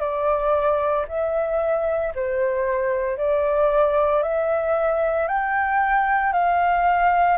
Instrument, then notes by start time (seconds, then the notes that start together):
flute
0.00 D5
1.08 E5
2.15 C5
3.17 D5
4.22 E5
5.28 G5
6.33 F5